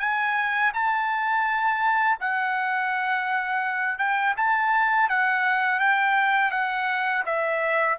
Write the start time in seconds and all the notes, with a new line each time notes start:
0.00 G#5
0.74 A5
2.20 F#5
3.99 G5
4.37 A5
5.10 F#5
5.80 G5
6.52 F#5
7.26 E5